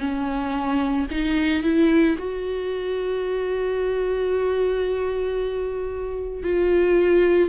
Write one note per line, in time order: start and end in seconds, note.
0.00 1.07 C#4
1.12 1.64 D#4
1.64 2.17 E4
2.19 6.44 F#4
6.44 7.50 F4